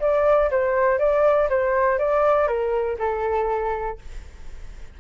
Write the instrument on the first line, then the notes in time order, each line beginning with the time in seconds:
flute
0.00 D5
0.51 C5
0.98 D5
1.49 C5
1.99 D5
2.47 A#4
2.99 A4